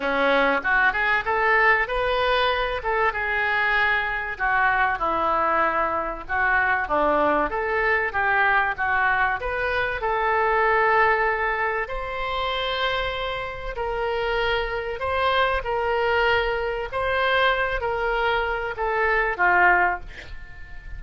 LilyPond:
\new Staff \with { instrumentName = "oboe" } { \time 4/4 \tempo 4 = 96 cis'4 fis'8 gis'8 a'4 b'4~ | b'8 a'8 gis'2 fis'4 | e'2 fis'4 d'4 | a'4 g'4 fis'4 b'4 |
a'2. c''4~ | c''2 ais'2 | c''4 ais'2 c''4~ | c''8 ais'4. a'4 f'4 | }